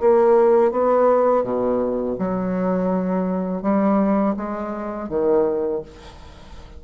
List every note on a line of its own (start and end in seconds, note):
0.00 0.72 A#3
0.72 1.43 B3
1.43 2.17 B2
2.19 3.62 F#3
3.62 4.35 G3
4.36 5.09 G#3
5.09 5.82 D#3